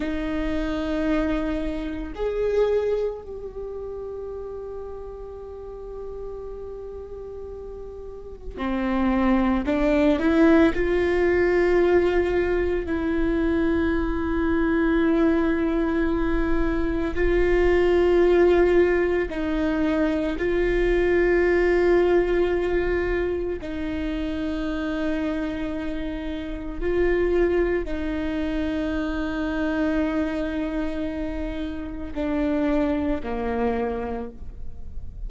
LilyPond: \new Staff \with { instrumentName = "viola" } { \time 4/4 \tempo 4 = 56 dis'2 gis'4 g'4~ | g'1 | c'4 d'8 e'8 f'2 | e'1 |
f'2 dis'4 f'4~ | f'2 dis'2~ | dis'4 f'4 dis'2~ | dis'2 d'4 ais4 | }